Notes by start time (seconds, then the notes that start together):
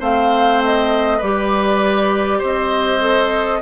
0.00 A3 C4 C5 F5
0.64 D#5
1.18 G3 G4 B4 D5
2.39 C4 C5 D#5
3.00 A4